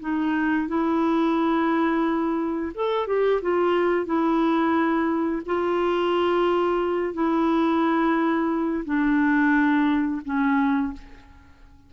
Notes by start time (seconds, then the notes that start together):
0.00 D#4
0.68 E4
2.74 A4
3.07 G4
3.42 F4
4.05 E4
5.45 F4
7.14 E4
8.85 D4
10.25 C#4